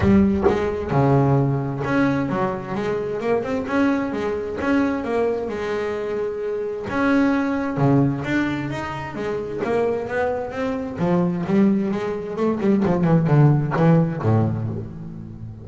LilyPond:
\new Staff \with { instrumentName = "double bass" } { \time 4/4 \tempo 4 = 131 g4 gis4 cis2 | cis'4 fis4 gis4 ais8 c'8 | cis'4 gis4 cis'4 ais4 | gis2. cis'4~ |
cis'4 cis4 d'4 dis'4 | gis4 ais4 b4 c'4 | f4 g4 gis4 a8 g8 | f8 e8 d4 e4 a,4 | }